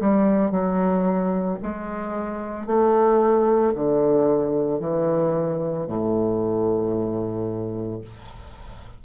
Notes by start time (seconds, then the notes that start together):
0.00 G3
0.51 F#3
1.63 G#3
2.67 A3
3.75 D3
4.80 E3
5.87 A2